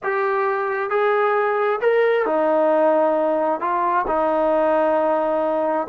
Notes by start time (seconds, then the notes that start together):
0.03 G4
0.90 G#4
1.81 A#4
2.25 D#4
3.60 F4
4.07 D#4